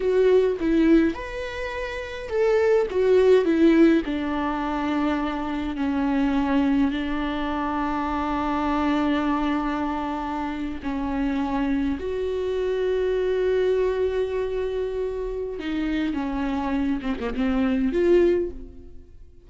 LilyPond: \new Staff \with { instrumentName = "viola" } { \time 4/4 \tempo 4 = 104 fis'4 e'4 b'2 | a'4 fis'4 e'4 d'4~ | d'2 cis'2 | d'1~ |
d'2~ d'8. cis'4~ cis'16~ | cis'8. fis'2.~ fis'16~ | fis'2. dis'4 | cis'4. c'16 ais16 c'4 f'4 | }